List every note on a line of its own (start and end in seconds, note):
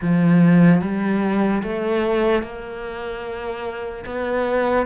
0.01 0.81 F3
0.81 1.62 G3
1.62 2.43 A3
2.43 4.05 A#3
4.05 4.86 B3